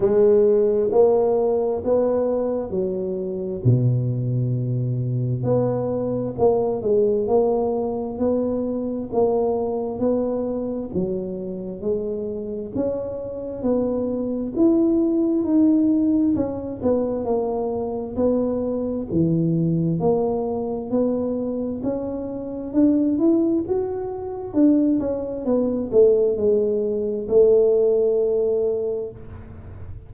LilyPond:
\new Staff \with { instrumentName = "tuba" } { \time 4/4 \tempo 4 = 66 gis4 ais4 b4 fis4 | b,2 b4 ais8 gis8 | ais4 b4 ais4 b4 | fis4 gis4 cis'4 b4 |
e'4 dis'4 cis'8 b8 ais4 | b4 e4 ais4 b4 | cis'4 d'8 e'8 fis'4 d'8 cis'8 | b8 a8 gis4 a2 | }